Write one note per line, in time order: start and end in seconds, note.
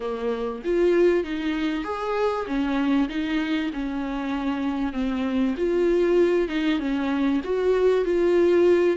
0.00 0.62 A#3
0.64 1.24 F4
1.24 1.84 D#4
1.84 2.45 G#4
2.46 3.08 C#4
3.08 3.70 D#4
3.73 4.92 C#4
4.92 5.54 C4
5.57 6.48 F4
6.48 6.79 D#4
6.79 7.41 C#4
7.44 8.04 F#4
8.04 8.97 F4